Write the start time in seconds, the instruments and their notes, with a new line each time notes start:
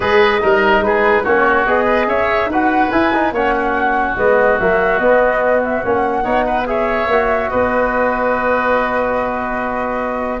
0.00 tuba G#3, trombone G#4, oboe B4, flute D#5
0.41 tuba G3, trombone D#4, oboe A#4
0.80 tuba G#3, oboe G#4, flute B4
1.23 tuba A#3, trombone C#4, oboe F#4, flute C#5
1.66 tuba B3, trombone G#4, flute D#5
1.84 oboe B4
2.07 tuba C#4, oboe C#5, flute E5
2.46 tuba D#4, oboe B4, flute F#5
2.53 trombone F#4
2.90 tuba E4, trombone E4, flute G#5
3.13 trombone D#4
3.31 tuba A#3, trombone C#4, oboe C#5, flute F#5
3.55 oboe F#4
4.16 tuba G#3, trombone B3, flute D#5
4.59 tuba F#3, trombone A#3, flute E5
4.98 tuba B3, trombone B3, flute D#5
5.63 flute E5
5.83 tuba A#3, trombone C#4, flute F#5
6.23 tuba B3, trombone D#4, oboe C#5
6.46 oboe B4
6.66 trombone G#4, oboe C#5, flute E5
7.07 tuba A#3, trombone F#4
7.49 tuba B3, oboe B4, flute D#5